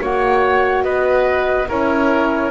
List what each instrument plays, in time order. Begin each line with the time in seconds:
0.00 double bass A#3, horn F#4, oboe C#5, flute F#5
0.83 double bass B3, oboe B4, flute D#5
1.69 double bass C#4, horn E4, oboe A#4, flute C#5